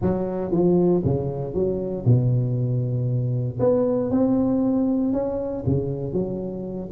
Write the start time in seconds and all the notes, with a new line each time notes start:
0.01 F#3
0.51 F3
1.04 C#3
1.54 F#3
2.05 B2
3.59 B3
4.10 C4
5.13 C#4
5.65 C#3
6.13 F#3